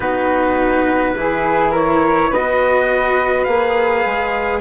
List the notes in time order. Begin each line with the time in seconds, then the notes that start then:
0.00 B3 D#4 F#4 B4
1.16 E3 E4 G#4
1.71 A#4 C#5
2.29 B3 B4 D#5
2.36 F#4
3.44 A#3 G#4 F5
4.05 G#3